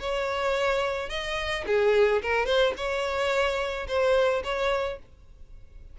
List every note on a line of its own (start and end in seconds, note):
0.00 1.10 C#5
1.10 1.65 D#5
1.67 2.22 G#4
2.22 2.46 A#4
2.46 2.73 C5
2.77 3.87 C#5
3.88 4.43 C5
4.44 4.99 C#5